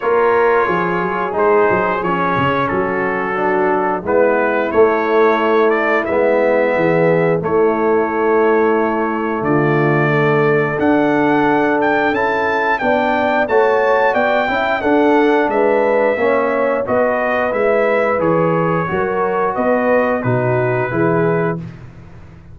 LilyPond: <<
  \new Staff \with { instrumentName = "trumpet" } { \time 4/4 \tempo 4 = 89 cis''2 c''4 cis''4 | a'2 b'4 cis''4~ | cis''8 d''8 e''2 cis''4~ | cis''2 d''2 |
fis''4. g''8 a''4 g''4 | a''4 g''4 fis''4 e''4~ | e''4 dis''4 e''4 cis''4~ | cis''4 dis''4 b'2 | }
  \new Staff \with { instrumentName = "horn" } { \time 4/4 ais'4 gis'2. | fis'2 e'2~ | e'2 gis'4 e'4~ | e'2 f'4 a'4~ |
a'2. d''4 | cis''4 d''8 e''8 a'4 b'4 | cis''4 b'2. | ais'4 b'4 fis'4 gis'4 | }
  \new Staff \with { instrumentName = "trombone" } { \time 4/4 f'2 dis'4 cis'4~ | cis'4 d'4 b4 a4~ | a4 b2 a4~ | a1 |
d'2 e'4 d'4 | fis'4. e'8 d'2 | cis'4 fis'4 e'4 gis'4 | fis'2 dis'4 e'4 | }
  \new Staff \with { instrumentName = "tuba" } { \time 4/4 ais4 f8 fis8 gis8 fis8 f8 cis8 | fis2 gis4 a4~ | a4 gis4 e4 a4~ | a2 d2 |
d'2 cis'4 b4 | a4 b8 cis'8 d'4 gis4 | ais4 b4 gis4 e4 | fis4 b4 b,4 e4 | }
>>